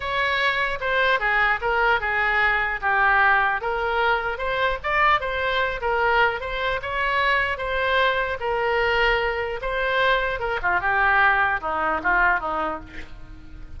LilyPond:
\new Staff \with { instrumentName = "oboe" } { \time 4/4 \tempo 4 = 150 cis''2 c''4 gis'4 | ais'4 gis'2 g'4~ | g'4 ais'2 c''4 | d''4 c''4. ais'4. |
c''4 cis''2 c''4~ | c''4 ais'2. | c''2 ais'8 f'8 g'4~ | g'4 dis'4 f'4 dis'4 | }